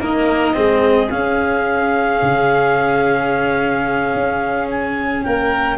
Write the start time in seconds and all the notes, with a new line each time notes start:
0.00 A#3 D#4 A#4 D#5
0.54 G#3 C4 G#4
1.10 C#4 F5
2.22 C#3
4.14 C#4
4.70 G#5
5.23 A#3 A#4 G5